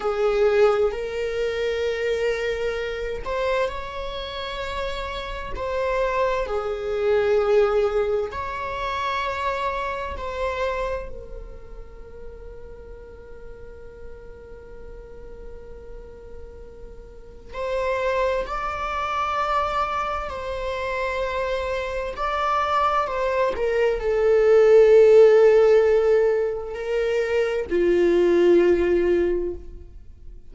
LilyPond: \new Staff \with { instrumentName = "viola" } { \time 4/4 \tempo 4 = 65 gis'4 ais'2~ ais'8 c''8 | cis''2 c''4 gis'4~ | gis'4 cis''2 c''4 | ais'1~ |
ais'2. c''4 | d''2 c''2 | d''4 c''8 ais'8 a'2~ | a'4 ais'4 f'2 | }